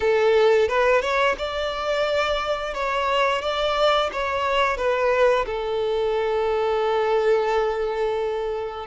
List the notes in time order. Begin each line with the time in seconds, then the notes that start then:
0.00 A4
0.68 B4
1.01 C#5
1.38 D5
2.74 C#5
3.41 D5
4.12 C#5
4.77 B4
5.45 A4